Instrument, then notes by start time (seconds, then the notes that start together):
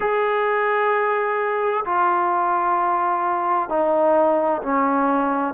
trombone
0.00 G#4
1.85 F4
3.69 D#4
4.62 C#4